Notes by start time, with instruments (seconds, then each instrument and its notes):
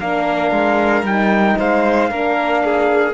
0.00 cello A#3, horn D4, violin A#4, trumpet F5
0.52 cello G#3
1.03 cello G3, horn D#4, trumpet G5
1.58 cello G#3, violin C5, trumpet F5
2.09 cello A#3, horn D4, violin A#4
2.64 violin G#4